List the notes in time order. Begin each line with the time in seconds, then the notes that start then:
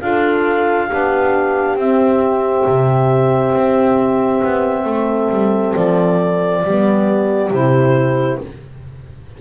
0.00 D4 F4 A4 F5
0.87 B3 D4 G4
1.76 C4 E5
2.67 C3
3.54 C4
4.44 B3
4.85 A3 A4
5.30 G3
5.76 F3 D5
6.65 G3 B3 G4
7.50 C3 E4 C5